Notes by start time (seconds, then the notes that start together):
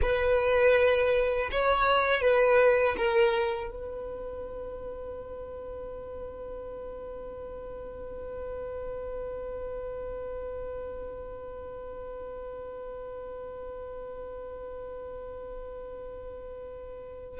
0.01 B4
1.51 C#5
2.21 B4
2.97 A#4
3.70 B4